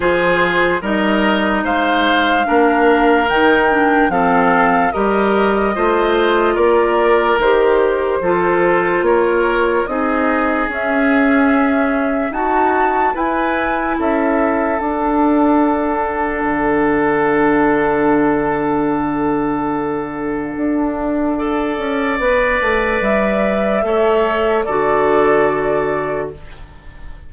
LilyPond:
<<
  \new Staff \with { instrumentName = "flute" } { \time 4/4 \tempo 4 = 73 c''4 dis''4 f''2 | g''4 f''4 dis''2 | d''4 c''2 cis''4 | dis''4 e''2 a''4 |
gis''4 e''4 fis''2~ | fis''1~ | fis''1 | e''2 d''2 | }
  \new Staff \with { instrumentName = "oboe" } { \time 4/4 gis'4 ais'4 c''4 ais'4~ | ais'4 a'4 ais'4 c''4 | ais'2 a'4 ais'4 | gis'2. fis'4 |
b'4 a'2.~ | a'1~ | a'2 d''2~ | d''4 cis''4 a'2 | }
  \new Staff \with { instrumentName = "clarinet" } { \time 4/4 f'4 dis'2 d'4 | dis'8 d'8 c'4 g'4 f'4~ | f'4 g'4 f'2 | dis'4 cis'2 fis'4 |
e'2 d'2~ | d'1~ | d'2 a'4 b'4~ | b'4 a'4 fis'2 | }
  \new Staff \with { instrumentName = "bassoon" } { \time 4/4 f4 g4 gis4 ais4 | dis4 f4 g4 a4 | ais4 dis4 f4 ais4 | c'4 cis'2 dis'4 |
e'4 cis'4 d'2 | d1~ | d4 d'4. cis'8 b8 a8 | g4 a4 d2 | }
>>